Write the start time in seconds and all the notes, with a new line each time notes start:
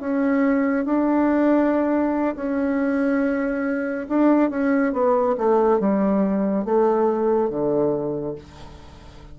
0.00 C#4
0.85 D4
2.36 C#4
4.09 D4
4.50 C#4
4.92 B3
5.38 A3
5.80 G3
6.65 A3
7.50 D3